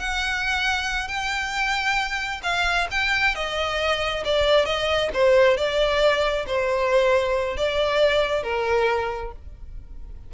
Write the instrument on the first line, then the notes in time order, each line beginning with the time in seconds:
violin
0.00 F#5
1.08 G5
2.44 F5
2.92 G5
3.35 D#5
4.25 D5
4.66 D#5
5.14 C5
5.58 D5
6.47 C5
7.57 D5
8.44 A#4